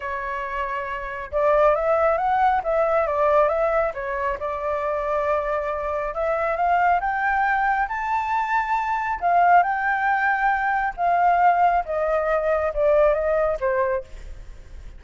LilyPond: \new Staff \with { instrumentName = "flute" } { \time 4/4 \tempo 4 = 137 cis''2. d''4 | e''4 fis''4 e''4 d''4 | e''4 cis''4 d''2~ | d''2 e''4 f''4 |
g''2 a''2~ | a''4 f''4 g''2~ | g''4 f''2 dis''4~ | dis''4 d''4 dis''4 c''4 | }